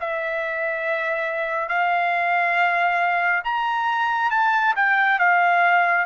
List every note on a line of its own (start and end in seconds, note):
0.00 1.68 E5
1.68 3.42 F5
3.44 4.30 A#5
4.30 4.74 A5
4.75 5.19 G5
5.19 6.05 F5